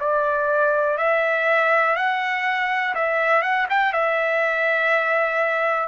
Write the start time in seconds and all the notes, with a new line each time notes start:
0.00 D5
0.98 E5
1.96 F#5
2.95 E5
3.42 F#5
3.70 G5
3.93 E5